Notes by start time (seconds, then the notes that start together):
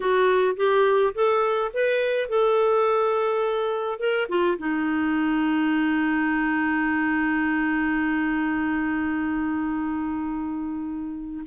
0.00 F#4
0.56 G4
1.14 A4
1.73 B4
2.29 A4
3.99 A#4
4.29 F4
4.58 D#4